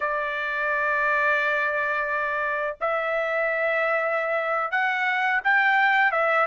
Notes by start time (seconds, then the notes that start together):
0.00 D5
2.80 E5
4.71 F#5
5.44 G5
6.11 E5